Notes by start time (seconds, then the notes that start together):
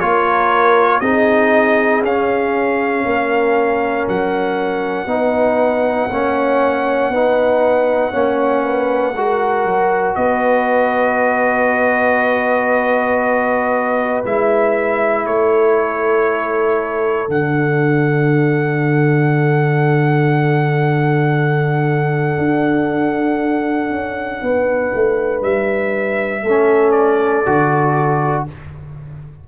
0.00 A#3 F4 A#4 C#5
1.00 C4 D#4 G#4 D#5
2.03 C#4 F5
3.05 A#3 A#4
4.08 F#3 F#5
5.06 B3 D#4 B4
6.10 A#3 C#4 C#5
7.09 B3 D#4 B4
8.11 A#3 C#4 C#5
8.64 B4
9.15 G#3 F#4 A#4
9.64 F#3
10.15 B3 B4 D#5
14.25 G#3 E4 E5
15.25 A3 A4 C#5
17.28 D3 D4 F#5
22.38 D4
23.90 C#4
24.42 B3 B4
24.94 A3
25.42 G3 E5
26.43 A3 C#4 A4
26.91 D5
27.46 D3 F#4